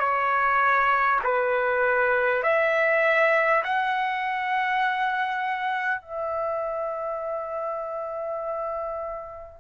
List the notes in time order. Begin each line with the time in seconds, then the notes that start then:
0.00 C#5
1.24 B4
2.43 E5
3.64 F#5
6.02 E5